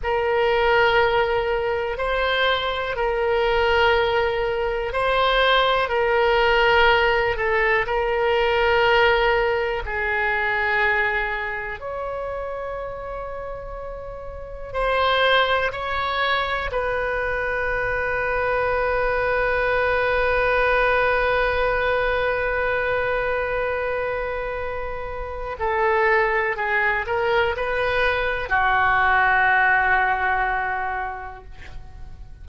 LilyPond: \new Staff \with { instrumentName = "oboe" } { \time 4/4 \tempo 4 = 61 ais'2 c''4 ais'4~ | ais'4 c''4 ais'4. a'8 | ais'2 gis'2 | cis''2. c''4 |
cis''4 b'2.~ | b'1~ | b'2 a'4 gis'8 ais'8 | b'4 fis'2. | }